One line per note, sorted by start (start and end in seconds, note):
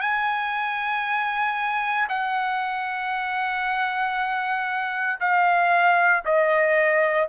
0.00 2.07 G#5
2.08 5.19 F#5
5.20 6.23 F5
6.24 7.28 D#5